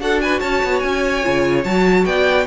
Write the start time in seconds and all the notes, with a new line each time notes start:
0.00 D4 F#4 A4 F#5
0.21 B4 G#5
0.40 C#4 C#5 A5
0.64 B3
0.80 C#4 G#5
1.23 C#3 F4
1.64 F#3 F#4 A5
2.05 B3 D5 G5